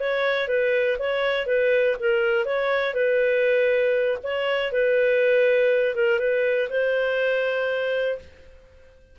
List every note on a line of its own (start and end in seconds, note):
0.00 0.48 C#5
0.48 0.98 B4
0.99 1.47 C#5
1.47 1.96 B4
2.00 2.45 A#4
2.45 2.94 C#5
2.94 4.18 B4
4.23 4.72 C#5
4.72 5.95 B4
5.95 6.19 A#4
6.19 6.69 B4
6.70 8.18 C5